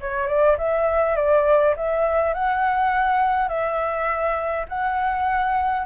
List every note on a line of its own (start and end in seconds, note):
0.00 0.27 C#5
0.27 0.56 D5
0.57 1.16 E5
1.16 1.74 D5
1.76 2.33 E5
2.33 3.48 F#5
3.48 4.65 E5
4.68 5.86 F#5